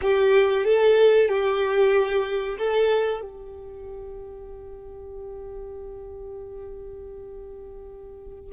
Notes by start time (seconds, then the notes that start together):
0.01 G4
0.64 A4
1.28 G4
2.58 A4
3.21 G4